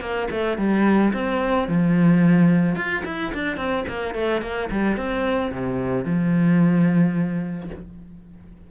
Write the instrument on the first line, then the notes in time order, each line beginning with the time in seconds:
cello
0.00 A#3
0.31 A3
0.57 G3
1.13 C4
1.68 F3
2.75 F4
3.05 E4
3.34 D4
3.57 C4
3.88 A#3
4.14 A3
4.41 A#3
4.70 G3
4.96 C4
5.52 C3
6.05 F3